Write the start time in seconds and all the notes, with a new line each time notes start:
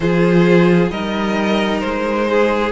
0.00 F3 F4 G#4 C5
0.90 G3 D#4 A#4 D#5
1.80 G#3 C5
2.29 G#4